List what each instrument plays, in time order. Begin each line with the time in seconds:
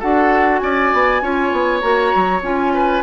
0.00 bassoon D4, clarinet F#4, oboe A4, flute F#5
0.59 bassoon C#4, oboe D5, flute G#5
0.94 bassoon B3
1.22 bassoon C#4, clarinet F4, oboe C#5
1.52 bassoon B3
1.81 bassoon A#3, clarinet F#4, flute A#5
2.16 bassoon F#3
2.43 bassoon C#4, clarinet F4, flute G#5
2.74 oboe B4